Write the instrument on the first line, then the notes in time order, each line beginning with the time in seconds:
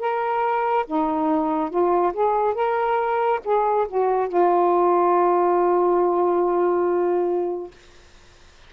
saxophone
0.00 A#4
0.86 D#4
1.70 F4
2.14 G#4
2.55 A#4
3.45 G#4
3.88 F#4
4.29 F4